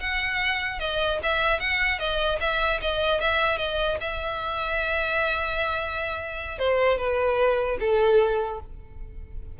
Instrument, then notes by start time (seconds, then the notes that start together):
violin
0.00 F#5
0.79 D#5
1.23 E5
1.60 F#5
1.99 D#5
2.40 E5
2.81 D#5
3.20 E5
3.58 D#5
4.00 E5
6.59 C5
6.98 B4
7.79 A4